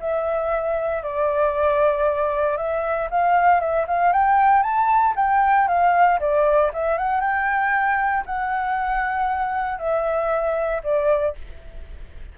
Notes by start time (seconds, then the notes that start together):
0.00 E5
1.03 D5
2.57 E5
3.10 F5
3.60 E5
3.87 F5
4.12 G5
4.62 A5
5.16 G5
5.67 F5
6.20 D5
6.73 E5
6.98 F#5
7.20 G5
8.26 F#5
9.78 E5
10.83 D5